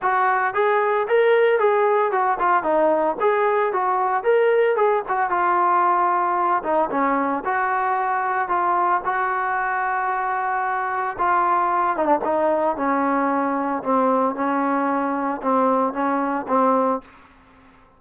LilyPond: \new Staff \with { instrumentName = "trombone" } { \time 4/4 \tempo 4 = 113 fis'4 gis'4 ais'4 gis'4 | fis'8 f'8 dis'4 gis'4 fis'4 | ais'4 gis'8 fis'8 f'2~ | f'8 dis'8 cis'4 fis'2 |
f'4 fis'2.~ | fis'4 f'4. dis'16 d'16 dis'4 | cis'2 c'4 cis'4~ | cis'4 c'4 cis'4 c'4 | }